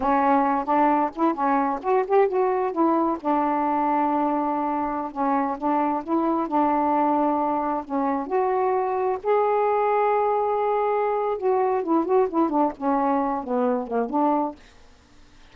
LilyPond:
\new Staff \with { instrumentName = "saxophone" } { \time 4/4 \tempo 4 = 132 cis'4. d'4 e'8 cis'4 | fis'8 g'8 fis'4 e'4 d'4~ | d'2.~ d'16 cis'8.~ | cis'16 d'4 e'4 d'4.~ d'16~ |
d'4~ d'16 cis'4 fis'4.~ fis'16~ | fis'16 gis'2.~ gis'8.~ | gis'4 fis'4 e'8 fis'8 e'8 d'8 | cis'4. b4 ais8 d'4 | }